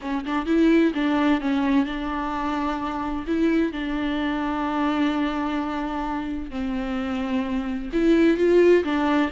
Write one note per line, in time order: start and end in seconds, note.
0.01 0.25 C#4
0.25 0.46 D4
0.46 0.92 E4
0.94 1.40 D4
1.40 1.85 C#4
1.85 3.25 D4
3.27 3.72 E4
3.72 6.50 D4
6.50 7.89 C4
7.93 8.37 E4
8.37 8.83 F4
8.84 9.30 D4